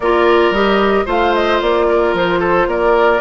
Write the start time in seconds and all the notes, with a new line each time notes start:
0.00 A#3 F4 A#4 D5
0.50 G3 G4 D#5
1.05 A3 F4 C5 F5
1.34 D#5
1.61 A#3 D5
1.88 A#4
2.13 F3 C5
2.39 A4
2.66 A#3 A#4 D5